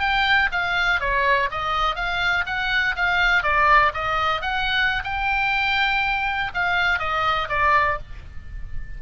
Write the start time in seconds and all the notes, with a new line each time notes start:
0.00 G5
0.52 F5
1.00 C#5
1.51 D#5
1.96 F5
2.47 F#5
2.96 F5
3.43 D5
3.94 D#5
4.42 F#5
5.04 G5
6.54 F5
6.99 D#5
7.49 D5